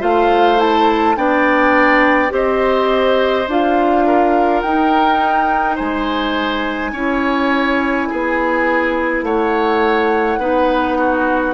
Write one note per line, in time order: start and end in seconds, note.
0.00 1.16 A3
0.00 0.57 F4
0.00 1.16 C5
0.00 0.60 F5
0.57 1.15 E4
0.57 1.16 A5
1.15 2.31 B3
1.15 2.29 D4
1.15 2.32 D5
1.15 2.31 G5
2.29 3.46 C4
2.29 3.44 G4
2.29 4.06 C5
2.29 3.49 D#5
3.47 4.62 D4
3.47 4.65 F4
3.47 4.61 F5
4.06 5.75 A#4
4.61 5.78 D#4
4.61 6.94 D#4
4.61 5.76 G5
5.75 6.92 G#3
5.75 6.91 C5
5.75 9.23 G#5
6.92 8.07 C#4
6.92 10.40 E4
6.92 8.08 C#5
8.09 9.22 B3
8.09 9.24 G#4
9.22 10.38 A3
9.22 10.39 C#5
9.22 11.53 F#5
10.38 11.53 B3
10.38 11.53 D#4
10.38 10.97 B4
10.97 11.53 F#4